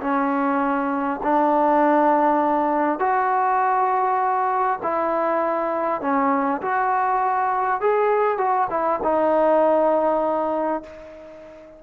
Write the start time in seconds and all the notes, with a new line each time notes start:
0.00 C#4
1.23 D4
2.99 F#4
4.82 E4
6.01 C#4
6.61 F#4
7.80 G#4
8.37 F#4
8.70 E4
9.03 D#4